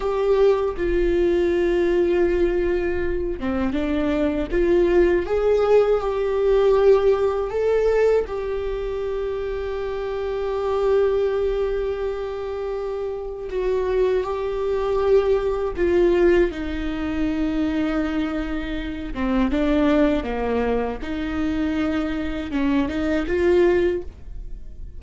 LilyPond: \new Staff \with { instrumentName = "viola" } { \time 4/4 \tempo 4 = 80 g'4 f'2.~ | f'8 c'8 d'4 f'4 gis'4 | g'2 a'4 g'4~ | g'1~ |
g'2 fis'4 g'4~ | g'4 f'4 dis'2~ | dis'4. c'8 d'4 ais4 | dis'2 cis'8 dis'8 f'4 | }